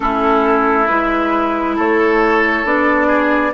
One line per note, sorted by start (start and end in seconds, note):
0.00 0.88 A3
0.00 0.88 C#4
0.00 1.75 E4
0.00 0.87 A4
0.87 1.78 G#3
0.87 2.64 E4
0.87 1.76 B4
1.75 2.64 A3
1.75 3.07 A4
1.75 2.65 C#5
2.64 3.52 B3
2.64 3.53 D4
2.64 3.53 D5
3.07 3.51 G#4